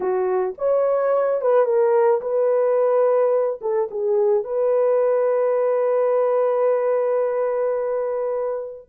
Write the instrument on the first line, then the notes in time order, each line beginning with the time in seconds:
horn
0.00 F#4
0.58 C#5
1.41 B4
1.65 A#4
2.21 B4
3.61 A4
3.90 G#4
4.43 B4